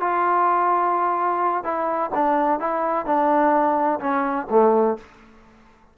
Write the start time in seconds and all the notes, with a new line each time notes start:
0.00 F4
1.63 E4
2.14 D4
2.60 E4
3.05 D4
4.00 C#4
4.50 A3